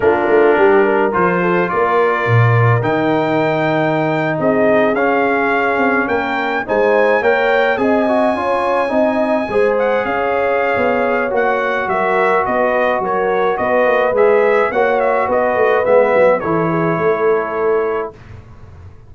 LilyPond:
<<
  \new Staff \with { instrumentName = "trumpet" } { \time 4/4 \tempo 4 = 106 ais'2 c''4 d''4~ | d''4 g''2~ g''8. dis''16~ | dis''8. f''2 g''4 gis''16~ | gis''8. g''4 gis''2~ gis''16~ |
gis''4~ gis''16 fis''8 f''2~ f''16 | fis''4 e''4 dis''4 cis''4 | dis''4 e''4 fis''8 e''8 dis''4 | e''4 cis''2. | }
  \new Staff \with { instrumentName = "horn" } { \time 4/4 f'4 g'8 ais'4 a'8 ais'4~ | ais'2.~ ais'8. gis'16~ | gis'2~ gis'8. ais'4 c''16~ | c''8. cis''4 dis''4 cis''4 dis''16~ |
dis''8. c''4 cis''2~ cis''16~ | cis''4 ais'4 b'4 ais'4 | b'2 cis''4 b'4~ | b'4 a'8 gis'8 a'2 | }
  \new Staff \with { instrumentName = "trombone" } { \time 4/4 d'2 f'2~ | f'4 dis'2.~ | dis'8. cis'2. dis'16~ | dis'8. ais'4 gis'8 fis'8 f'4 dis'16~ |
dis'8. gis'2.~ gis'16 | fis'1~ | fis'4 gis'4 fis'2 | b4 e'2. | }
  \new Staff \with { instrumentName = "tuba" } { \time 4/4 ais8 a8 g4 f4 ais4 | ais,4 dis2~ dis8. c'16~ | c'8. cis'4. c'8 ais4 gis16~ | gis8. ais4 c'4 cis'4 c'16~ |
c'8. gis4 cis'4~ cis'16 b4 | ais4 fis4 b4 fis4 | b8 ais8 gis4 ais4 b8 a8 | gis8 fis8 e4 a2 | }
>>